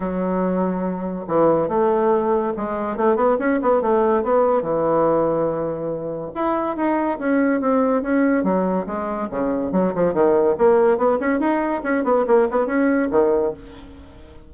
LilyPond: \new Staff \with { instrumentName = "bassoon" } { \time 4/4 \tempo 4 = 142 fis2. e4 | a2 gis4 a8 b8 | cis'8 b8 a4 b4 e4~ | e2. e'4 |
dis'4 cis'4 c'4 cis'4 | fis4 gis4 cis4 fis8 f8 | dis4 ais4 b8 cis'8 dis'4 | cis'8 b8 ais8 b8 cis'4 dis4 | }